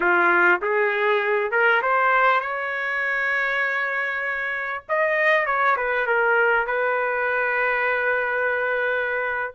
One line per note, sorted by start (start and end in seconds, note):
0.00 0.61 F4
0.61 1.51 G#4
1.51 1.81 A#4
1.82 2.40 C5
2.40 4.83 C#5
4.88 5.46 D#5
5.46 5.76 C#5
5.76 6.06 B4
6.06 6.67 A#4
6.67 9.55 B4